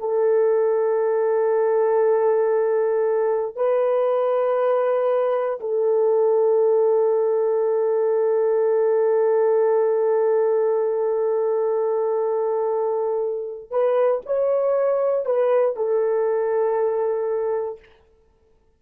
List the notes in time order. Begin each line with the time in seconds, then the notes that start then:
0.00 A4
3.56 B4
5.60 A4
13.71 B4
14.26 C#5
15.25 B4
15.76 A4